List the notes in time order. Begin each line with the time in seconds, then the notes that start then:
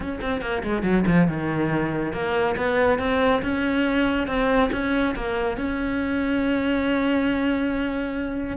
0.00 C#4
0.21 C4
0.41 A#3
0.63 G#3
0.83 F#3
1.07 F3
1.27 D#3
2.12 A#3
2.56 B3
2.99 C4
3.42 C#4
4.27 C4
4.72 C#4
5.15 A#3
5.57 C#4